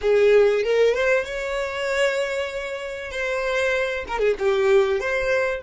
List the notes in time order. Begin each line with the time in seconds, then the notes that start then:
0.01 G#4
0.63 A#4
0.94 C5
1.24 C#5
3.11 C5
4.07 A#4
4.19 G#4
4.38 G4
5.00 C5